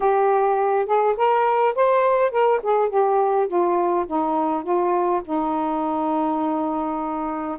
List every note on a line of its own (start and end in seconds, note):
0.00 0.86 G4
0.86 1.15 G#4
1.16 1.74 A#4
1.75 2.31 C5
2.31 2.60 A#4
2.62 2.89 G#4
2.89 3.47 G4
3.47 4.05 F4
4.06 4.63 D#4
4.63 5.21 F4
5.24 7.57 D#4